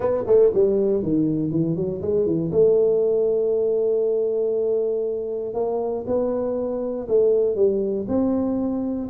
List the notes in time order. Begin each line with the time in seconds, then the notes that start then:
0.00 B3
0.26 A3
0.54 G3
1.02 D#3
1.51 E3
1.76 F#3
2.01 G#3
2.26 E3
2.51 A3
5.54 A#3
6.06 B3
7.07 A3
7.55 G3
8.08 C4